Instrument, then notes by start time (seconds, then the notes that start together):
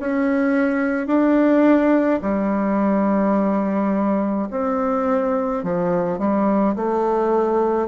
bassoon
0.00 C#4
1.08 D4
2.22 G3
4.51 C4
5.64 F3
6.19 G3
6.76 A3